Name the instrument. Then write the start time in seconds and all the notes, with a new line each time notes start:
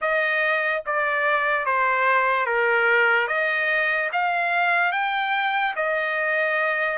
trumpet
0.01 D#5
0.86 D5
1.65 C5
2.46 A#4
3.27 D#5
4.12 F5
4.92 G5
5.75 D#5